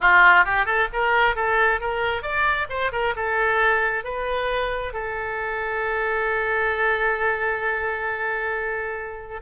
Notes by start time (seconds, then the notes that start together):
0.00 F4
0.45 G4
0.65 A4
0.92 A#4
1.35 A4
1.80 A#4
2.22 D5
2.69 C5
2.92 A#4
3.16 A4
4.04 B4
4.93 A4